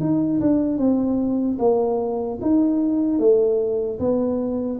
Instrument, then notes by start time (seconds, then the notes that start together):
tuba
0.00 D#4
0.41 D4
0.77 C4
1.59 A#3
2.41 D#4
3.19 A3
3.99 B3